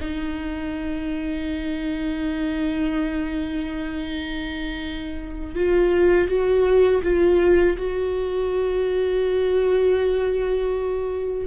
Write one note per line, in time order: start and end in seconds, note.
0.00 5.55 D#4
5.55 6.28 F4
6.28 7.02 F#4
7.03 7.77 F4
7.77 11.46 F#4